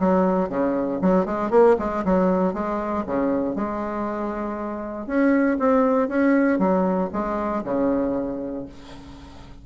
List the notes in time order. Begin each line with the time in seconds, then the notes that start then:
0.00 F#3
0.49 C#3
1.02 F#3
1.26 G#3
1.51 A#3
1.79 G#3
2.05 F#3
2.54 G#3
3.07 C#3
3.56 G#3
5.07 C#4
5.60 C4
6.09 C#4
6.59 F#3
7.13 G#3
7.64 C#3